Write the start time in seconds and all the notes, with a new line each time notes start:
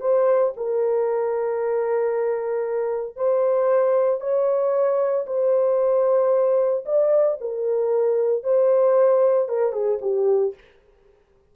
0.00 C5
0.56 A#4
3.16 C5
4.20 C#5
5.27 C5
6.85 D5
7.40 A#4
8.43 C5
9.48 A#4
9.72 G#4
10.01 G4